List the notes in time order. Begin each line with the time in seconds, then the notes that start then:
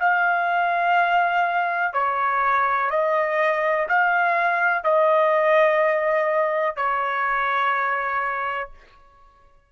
0.00 F5
1.94 C#5
2.90 D#5
3.89 F5
4.84 D#5
6.77 C#5